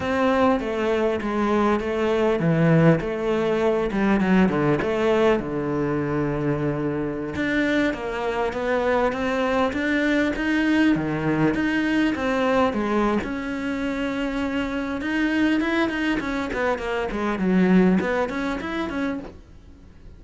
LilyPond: \new Staff \with { instrumentName = "cello" } { \time 4/4 \tempo 4 = 100 c'4 a4 gis4 a4 | e4 a4. g8 fis8 d8 | a4 d2.~ | d16 d'4 ais4 b4 c'8.~ |
c'16 d'4 dis'4 dis4 dis'8.~ | dis'16 c'4 gis8. cis'2~ | cis'4 dis'4 e'8 dis'8 cis'8 b8 | ais8 gis8 fis4 b8 cis'8 e'8 cis'8 | }